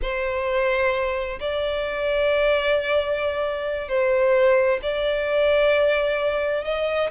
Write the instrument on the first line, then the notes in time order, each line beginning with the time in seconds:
violin
0.01 C5
1.40 D5
3.88 C5
4.82 D5
6.64 D#5